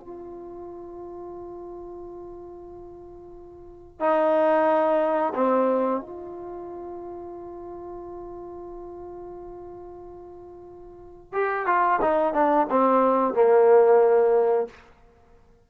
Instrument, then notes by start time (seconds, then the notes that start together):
trombone
0.00 F4
4.00 D#4
5.35 C4
6.01 F4
11.33 G4
11.66 F4
12.01 D#4
12.34 D4
12.70 C4
13.34 A#3